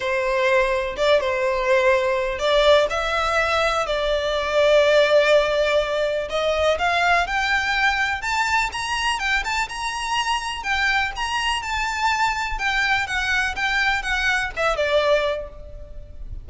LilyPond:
\new Staff \with { instrumentName = "violin" } { \time 4/4 \tempo 4 = 124 c''2 d''8 c''4.~ | c''4 d''4 e''2 | d''1~ | d''4 dis''4 f''4 g''4~ |
g''4 a''4 ais''4 g''8 a''8 | ais''2 g''4 ais''4 | a''2 g''4 fis''4 | g''4 fis''4 e''8 d''4. | }